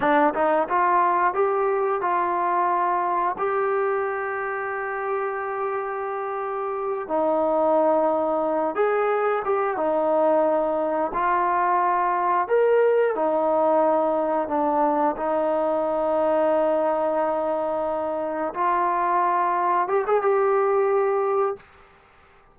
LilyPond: \new Staff \with { instrumentName = "trombone" } { \time 4/4 \tempo 4 = 89 d'8 dis'8 f'4 g'4 f'4~ | f'4 g'2.~ | g'2~ g'8 dis'4.~ | dis'4 gis'4 g'8 dis'4.~ |
dis'8 f'2 ais'4 dis'8~ | dis'4. d'4 dis'4.~ | dis'2.~ dis'8 f'8~ | f'4. g'16 gis'16 g'2 | }